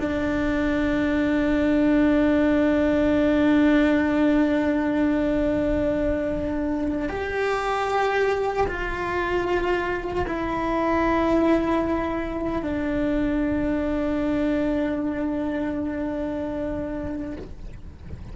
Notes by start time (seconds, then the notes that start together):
0.00 D4
7.09 G4
8.67 F4
10.27 E4
12.62 D4